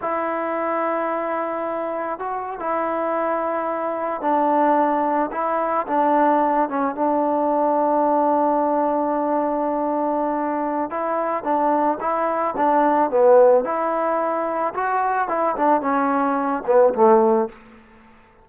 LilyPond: \new Staff \with { instrumentName = "trombone" } { \time 4/4 \tempo 4 = 110 e'1 | fis'8. e'2. d'16~ | d'4.~ d'16 e'4 d'4~ d'16~ | d'16 cis'8 d'2.~ d'16~ |
d'1 | e'4 d'4 e'4 d'4 | b4 e'2 fis'4 | e'8 d'8 cis'4. b8 a4 | }